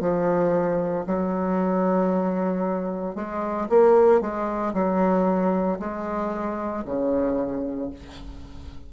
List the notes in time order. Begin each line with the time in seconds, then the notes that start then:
0.00 F3
1.07 F#3
3.15 G#3
3.69 A#3
4.21 G#3
4.74 F#3
5.79 G#3
6.85 C#3